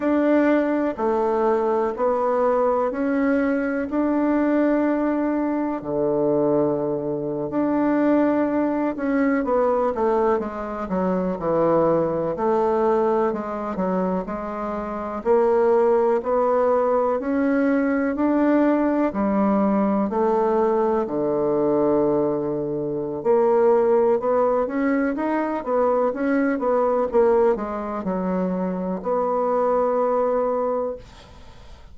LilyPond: \new Staff \with { instrumentName = "bassoon" } { \time 4/4 \tempo 4 = 62 d'4 a4 b4 cis'4 | d'2 d4.~ d16 d'16~ | d'4~ d'16 cis'8 b8 a8 gis8 fis8 e16~ | e8. a4 gis8 fis8 gis4 ais16~ |
ais8. b4 cis'4 d'4 g16~ | g8. a4 d2~ d16 | ais4 b8 cis'8 dis'8 b8 cis'8 b8 | ais8 gis8 fis4 b2 | }